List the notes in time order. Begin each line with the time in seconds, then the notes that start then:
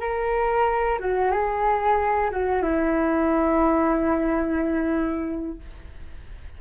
0.00 A#4
1.00 F#4
1.32 G#4
2.31 F#4
2.62 E4